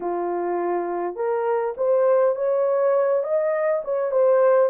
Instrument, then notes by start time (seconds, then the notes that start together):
horn
0.00 F4
1.15 A#4
1.77 C5
2.35 C#5
3.23 D#5
3.84 C#5
4.11 C5